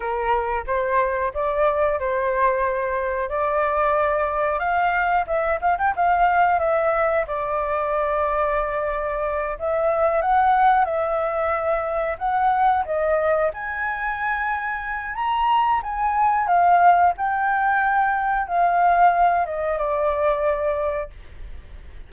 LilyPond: \new Staff \with { instrumentName = "flute" } { \time 4/4 \tempo 4 = 91 ais'4 c''4 d''4 c''4~ | c''4 d''2 f''4 | e''8 f''16 g''16 f''4 e''4 d''4~ | d''2~ d''8 e''4 fis''8~ |
fis''8 e''2 fis''4 dis''8~ | dis''8 gis''2~ gis''8 ais''4 | gis''4 f''4 g''2 | f''4. dis''8 d''2 | }